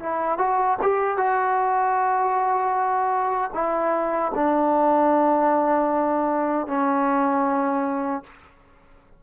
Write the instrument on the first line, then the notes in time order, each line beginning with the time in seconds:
trombone
0.00 E4
0.39 F#4
0.82 G4
1.18 F#4
3.55 E4
4.35 D4
6.68 C#4